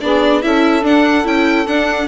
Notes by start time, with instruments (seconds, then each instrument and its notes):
0.00 bassoon B3, viola D4, saxophone G#4, violin D5
0.42 bassoon C#4, viola E4, saxophone A4, violin E5
0.81 viola D4, bassoon D4, violin F#5
1.24 bassoon C#4, viola E4, violin G5
1.66 bassoon D4, viola D4, violin F#5